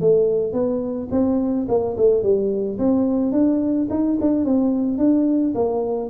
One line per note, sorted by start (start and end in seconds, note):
0.00 0.53 A3
0.53 1.08 B3
1.11 1.66 C4
1.68 1.96 A#3
1.97 2.22 A3
2.22 2.78 G3
2.78 3.32 C4
3.32 3.87 D4
3.90 4.17 D#4
4.20 4.44 D4
4.44 4.98 C4
4.98 5.53 D4
5.54 6.10 A#3